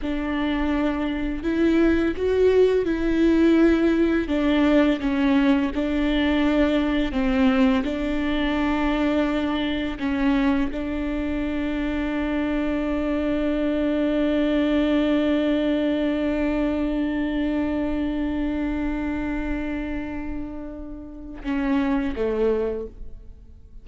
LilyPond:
\new Staff \with { instrumentName = "viola" } { \time 4/4 \tempo 4 = 84 d'2 e'4 fis'4 | e'2 d'4 cis'4 | d'2 c'4 d'4~ | d'2 cis'4 d'4~ |
d'1~ | d'1~ | d'1~ | d'2 cis'4 a4 | }